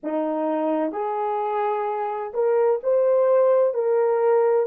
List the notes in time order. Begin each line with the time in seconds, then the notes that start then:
0.03 D#4
0.92 G#4
2.33 A#4
2.83 C5
3.74 A#4